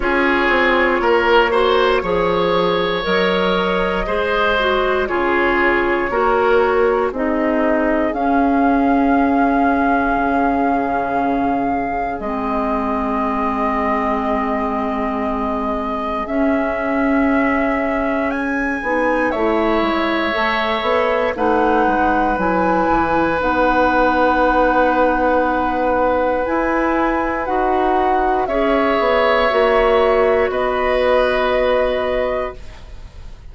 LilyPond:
<<
  \new Staff \with { instrumentName = "flute" } { \time 4/4 \tempo 4 = 59 cis''2. dis''4~ | dis''4 cis''2 dis''4 | f''1 | dis''1 |
e''2 gis''4 e''4~ | e''4 fis''4 gis''4 fis''4~ | fis''2 gis''4 fis''4 | e''2 dis''2 | }
  \new Staff \with { instrumentName = "oboe" } { \time 4/4 gis'4 ais'8 c''8 cis''2 | c''4 gis'4 ais'4 gis'4~ | gis'1~ | gis'1~ |
gis'2. cis''4~ | cis''4 b'2.~ | b'1 | cis''2 b'2 | }
  \new Staff \with { instrumentName = "clarinet" } { \time 4/4 f'4. fis'8 gis'4 ais'4 | gis'8 fis'8 f'4 fis'4 dis'4 | cis'1 | c'1 |
cis'2~ cis'8 dis'8 e'4 | a'4 dis'4 e'4 dis'4~ | dis'2 e'4 fis'4 | gis'4 fis'2. | }
  \new Staff \with { instrumentName = "bassoon" } { \time 4/4 cis'8 c'8 ais4 f4 fis4 | gis4 cis4 ais4 c'4 | cis'2 cis2 | gis1 |
cis'2~ cis'8 b8 a8 gis8 | a8 b8 a8 gis8 fis8 e8 b4~ | b2 e'4 dis'4 | cis'8 b8 ais4 b2 | }
>>